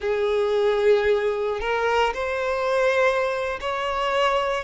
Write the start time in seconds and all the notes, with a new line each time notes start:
0.00 G#4
1.60 A#4
2.13 C5
3.60 C#5